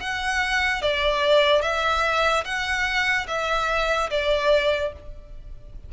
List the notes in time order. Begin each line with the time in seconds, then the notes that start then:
0.00 F#5
0.81 D5
1.62 E5
2.44 F#5
3.27 E5
4.10 D5